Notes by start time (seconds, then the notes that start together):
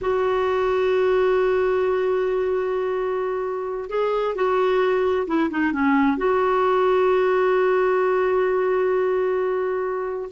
0.01 F#4
3.89 G#4
4.35 F#4
5.27 E4
5.50 D#4
5.72 C#4
6.17 F#4